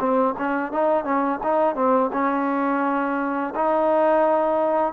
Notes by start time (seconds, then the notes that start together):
0.00 C4
0.38 C#4
0.73 D#4
1.05 C#4
1.43 D#4
1.75 C4
2.13 C#4
3.56 D#4